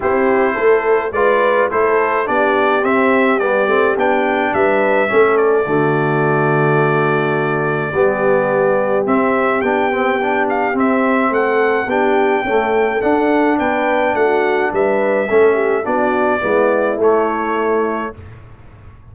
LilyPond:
<<
  \new Staff \with { instrumentName = "trumpet" } { \time 4/4 \tempo 4 = 106 c''2 d''4 c''4 | d''4 e''4 d''4 g''4 | e''4. d''2~ d''8~ | d''1 |
e''4 g''4. f''8 e''4 | fis''4 g''2 fis''4 | g''4 fis''4 e''2 | d''2 cis''2 | }
  \new Staff \with { instrumentName = "horn" } { \time 4/4 g'4 a'4 b'4 a'4 | g'1 | b'4 a'4 fis'2~ | fis'2 g'2~ |
g'1 | a'4 g'4 a'2 | b'4 fis'4 b'4 a'8 g'8 | fis'4 e'2. | }
  \new Staff \with { instrumentName = "trombone" } { \time 4/4 e'2 f'4 e'4 | d'4 c'4 b8 c'8 d'4~ | d'4 cis'4 a2~ | a2 b2 |
c'4 d'8 c'8 d'4 c'4~ | c'4 d'4 a4 d'4~ | d'2. cis'4 | d'4 b4 a2 | }
  \new Staff \with { instrumentName = "tuba" } { \time 4/4 c'4 a4 gis4 a4 | b4 c'4 g8 a8 b4 | g4 a4 d2~ | d2 g2 |
c'4 b2 c'4 | a4 b4 cis'4 d'4 | b4 a4 g4 a4 | b4 gis4 a2 | }
>>